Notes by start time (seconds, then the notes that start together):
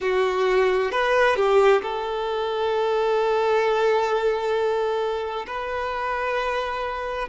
0.00 F#4
0.91 B4
1.36 G4
1.82 A4
5.47 B4